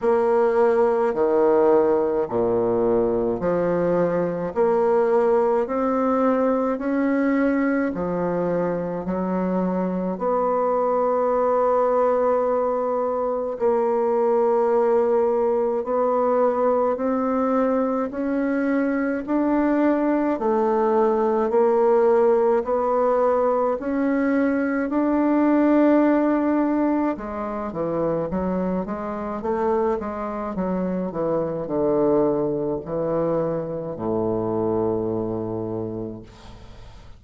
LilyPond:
\new Staff \with { instrumentName = "bassoon" } { \time 4/4 \tempo 4 = 53 ais4 dis4 ais,4 f4 | ais4 c'4 cis'4 f4 | fis4 b2. | ais2 b4 c'4 |
cis'4 d'4 a4 ais4 | b4 cis'4 d'2 | gis8 e8 fis8 gis8 a8 gis8 fis8 e8 | d4 e4 a,2 | }